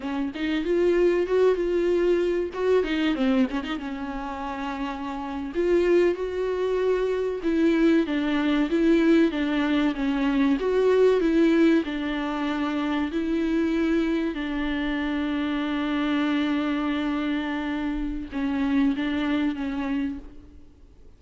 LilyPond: \new Staff \with { instrumentName = "viola" } { \time 4/4 \tempo 4 = 95 cis'8 dis'8 f'4 fis'8 f'4. | fis'8 dis'8 c'8 cis'16 dis'16 cis'2~ | cis'8. f'4 fis'2 e'16~ | e'8. d'4 e'4 d'4 cis'16~ |
cis'8. fis'4 e'4 d'4~ d'16~ | d'8. e'2 d'4~ d'16~ | d'1~ | d'4 cis'4 d'4 cis'4 | }